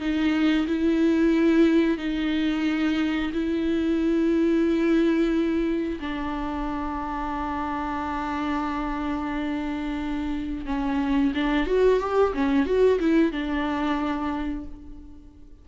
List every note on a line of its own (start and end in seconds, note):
0.00 0.67 D#4
0.67 1.98 E4
1.98 3.31 D#4
3.33 5.99 E4
6.00 10.66 D4
10.66 11.32 C#4
11.35 11.67 D4
11.67 12.00 F#4
12.00 12.33 G4
12.34 12.66 C#4
12.66 12.99 F#4
13.00 13.32 E4
13.32 14.65 D4